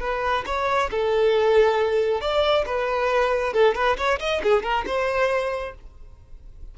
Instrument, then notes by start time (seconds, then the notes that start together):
violin
0.00 B4
0.46 C#5
0.90 A4
2.20 D5
2.66 B4
3.53 A4
3.74 B4
3.97 C#5
4.20 D#5
4.43 G#4
4.63 A#4
4.86 C5